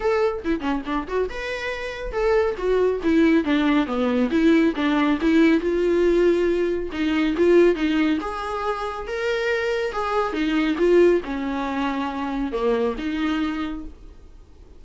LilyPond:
\new Staff \with { instrumentName = "viola" } { \time 4/4 \tempo 4 = 139 a'4 e'8 cis'8 d'8 fis'8 b'4~ | b'4 a'4 fis'4 e'4 | d'4 b4 e'4 d'4 | e'4 f'2. |
dis'4 f'4 dis'4 gis'4~ | gis'4 ais'2 gis'4 | dis'4 f'4 cis'2~ | cis'4 ais4 dis'2 | }